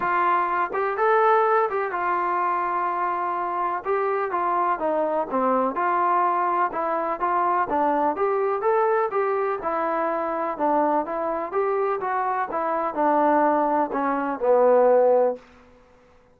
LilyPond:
\new Staff \with { instrumentName = "trombone" } { \time 4/4 \tempo 4 = 125 f'4. g'8 a'4. g'8 | f'1 | g'4 f'4 dis'4 c'4 | f'2 e'4 f'4 |
d'4 g'4 a'4 g'4 | e'2 d'4 e'4 | g'4 fis'4 e'4 d'4~ | d'4 cis'4 b2 | }